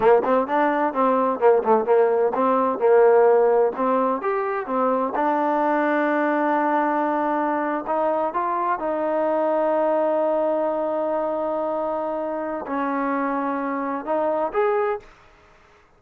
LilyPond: \new Staff \with { instrumentName = "trombone" } { \time 4/4 \tempo 4 = 128 ais8 c'8 d'4 c'4 ais8 a8 | ais4 c'4 ais2 | c'4 g'4 c'4 d'4~ | d'1~ |
d'8. dis'4 f'4 dis'4~ dis'16~ | dis'1~ | dis'2. cis'4~ | cis'2 dis'4 gis'4 | }